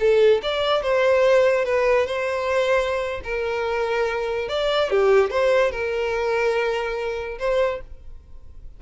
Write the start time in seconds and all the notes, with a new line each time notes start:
0.00 A4
0.43 D5
0.83 C5
1.65 B4
2.07 C5
3.24 A#4
4.49 D5
4.91 G4
5.30 C5
5.72 A#4
7.39 C5